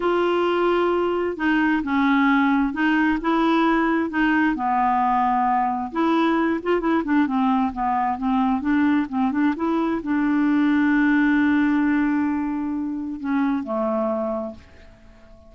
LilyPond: \new Staff \with { instrumentName = "clarinet" } { \time 4/4 \tempo 4 = 132 f'2. dis'4 | cis'2 dis'4 e'4~ | e'4 dis'4 b2~ | b4 e'4. f'8 e'8 d'8 |
c'4 b4 c'4 d'4 | c'8 d'8 e'4 d'2~ | d'1~ | d'4 cis'4 a2 | }